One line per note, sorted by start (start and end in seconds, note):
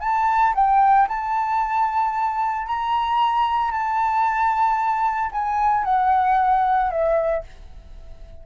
0.00 0.53 A5
0.55 1.08 G5
1.08 2.66 A5
2.66 3.71 A#5
3.71 5.30 A5
5.32 5.84 G#5
5.84 6.90 F#5
6.90 7.43 E5